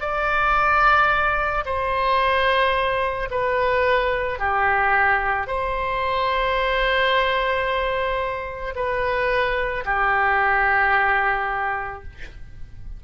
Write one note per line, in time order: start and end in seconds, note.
0.00 1.64 D5
1.65 3.29 C5
3.30 4.39 B4
4.39 5.47 G4
5.47 8.74 C5
8.75 9.84 B4
9.85 12.03 G4